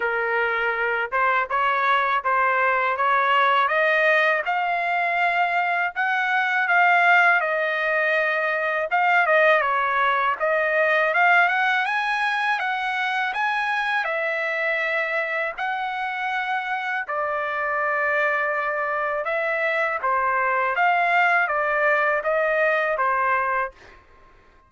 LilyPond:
\new Staff \with { instrumentName = "trumpet" } { \time 4/4 \tempo 4 = 81 ais'4. c''8 cis''4 c''4 | cis''4 dis''4 f''2 | fis''4 f''4 dis''2 | f''8 dis''8 cis''4 dis''4 f''8 fis''8 |
gis''4 fis''4 gis''4 e''4~ | e''4 fis''2 d''4~ | d''2 e''4 c''4 | f''4 d''4 dis''4 c''4 | }